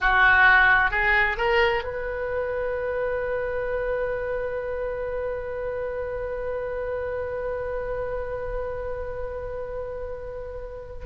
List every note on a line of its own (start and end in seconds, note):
0.00 0.91 F#4
0.91 1.37 G#4
1.37 1.83 A#4
1.83 11.05 B4